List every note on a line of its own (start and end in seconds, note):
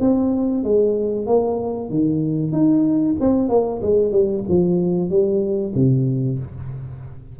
0.00 0.64 C4
0.64 1.26 G#3
1.26 1.89 A#3
1.89 2.52 D#3
2.52 3.16 D#4
3.20 3.49 C4
3.49 3.81 A#3
3.82 4.11 G#3
4.11 4.43 G3
4.49 5.09 F3
5.09 5.73 G3
5.75 6.39 C3